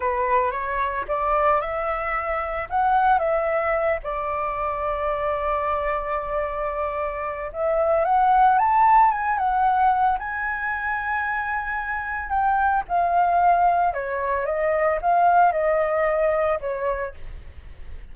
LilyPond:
\new Staff \with { instrumentName = "flute" } { \time 4/4 \tempo 4 = 112 b'4 cis''4 d''4 e''4~ | e''4 fis''4 e''4. d''8~ | d''1~ | d''2 e''4 fis''4 |
a''4 gis''8 fis''4. gis''4~ | gis''2. g''4 | f''2 cis''4 dis''4 | f''4 dis''2 cis''4 | }